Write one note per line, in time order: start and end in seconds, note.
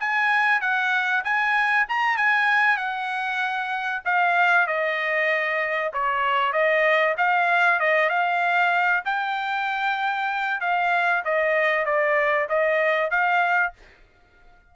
0.00 0.61 G#5
0.61 1.24 F#5
1.24 1.87 G#5
1.89 2.17 A#5
2.17 2.77 G#5
2.77 4.02 F#5
4.05 4.67 F5
4.67 5.92 D#5
5.93 6.53 C#5
6.53 7.15 D#5
7.17 7.80 F5
7.80 8.10 D#5
8.10 9.03 F5
9.05 10.61 G5
10.61 11.24 F5
11.25 11.86 D#5
11.86 12.48 D5
12.49 13.11 D#5
13.11 13.73 F5